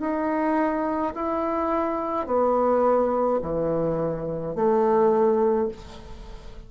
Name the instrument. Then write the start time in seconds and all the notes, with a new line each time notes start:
bassoon
0.00 D#4
1.15 E4
2.27 B3
3.42 E3
4.55 A3